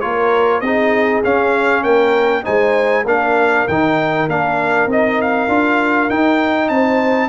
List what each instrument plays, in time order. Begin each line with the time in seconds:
0.00 tuba A#3, trombone F4, horn A#4, trumpet C#5
0.60 tuba C4, trombone D#4, horn G#4, trumpet D#5
1.23 trombone C#4, tuba C#4, trumpet F5
1.83 tuba A#3, horn A#4, trumpet G5
2.43 tuba G#3, trombone D#4, horn C5, trumpet G#5
3.05 tuba A#3, trombone D4, horn A#4, trumpet F5
3.68 tuba D#3, trombone D#4, trumpet G5
4.28 tuba A#3, trombone D4, trumpet F5
4.86 tuba C4, trombone D#4, trumpet D#5
5.21 trumpet F5
5.48 tuba D4, trombone F4
6.09 tuba D#4, trombone D#4, trumpet G5
6.69 tuba C4, horn C5, trumpet A5